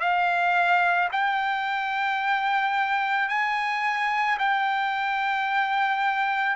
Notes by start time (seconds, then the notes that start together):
0.00 F5
1.12 G5
3.29 G#5
4.39 G5